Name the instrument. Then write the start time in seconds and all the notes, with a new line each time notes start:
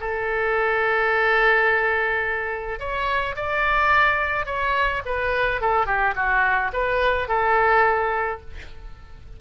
oboe
0.00 A4
2.79 C#5
3.36 D5
4.46 C#5
5.05 B4
5.61 A4
5.86 G4
6.15 F#4
6.73 B4
7.28 A4